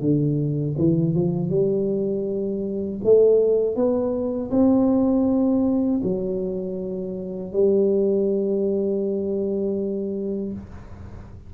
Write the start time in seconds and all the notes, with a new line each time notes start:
0.00 D3
0.78 E3
1.15 F3
1.49 G3
3.03 A3
3.75 B3
4.51 C4
6.03 F#3
7.52 G3